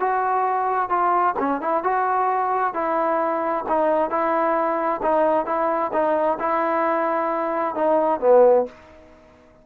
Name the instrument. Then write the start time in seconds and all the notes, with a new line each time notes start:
trombone
0.00 F#4
0.90 F4
1.39 C#4
1.62 E4
1.84 F#4
2.74 E4
3.69 D#4
4.11 E4
5.02 D#4
5.46 E4
5.93 D#4
6.40 E4
7.75 D#4
8.21 B3